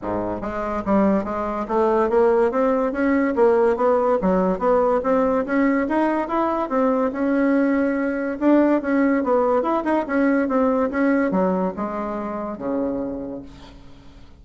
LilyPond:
\new Staff \with { instrumentName = "bassoon" } { \time 4/4 \tempo 4 = 143 gis,4 gis4 g4 gis4 | a4 ais4 c'4 cis'4 | ais4 b4 fis4 b4 | c'4 cis'4 dis'4 e'4 |
c'4 cis'2. | d'4 cis'4 b4 e'8 dis'8 | cis'4 c'4 cis'4 fis4 | gis2 cis2 | }